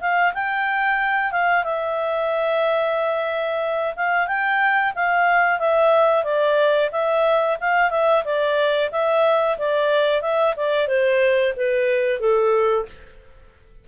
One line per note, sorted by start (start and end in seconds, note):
0.00 0.33 F5
0.34 1.32 G5
1.32 1.64 F5
1.64 3.94 E5
3.96 4.27 F5
4.27 4.93 G5
4.95 5.59 F5
5.59 6.24 E5
6.24 6.90 D5
6.91 7.57 E5
7.60 7.90 F5
7.90 8.23 E5
8.24 8.90 D5
8.91 9.57 E5
9.58 10.21 D5
10.21 10.54 E5
10.56 10.87 D5
10.87 11.53 C5
11.56 12.19 B4
12.19 12.85 A4